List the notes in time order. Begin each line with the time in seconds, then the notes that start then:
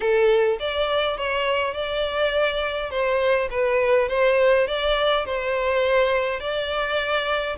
0.00 A4
0.59 D5
1.17 C#5
1.73 D5
2.90 C5
3.50 B4
4.08 C5
4.67 D5
5.25 C5
6.40 D5